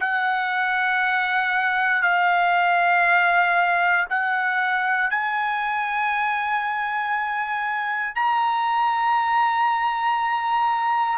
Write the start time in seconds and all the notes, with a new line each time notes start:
0.00 F#5
2.02 F5
4.10 F#5
5.10 G#5
8.15 A#5